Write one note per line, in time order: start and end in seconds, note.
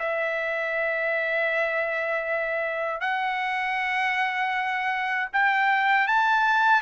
0.00 3.01 E5
3.01 5.29 F#5
5.33 6.08 G5
6.08 6.82 A5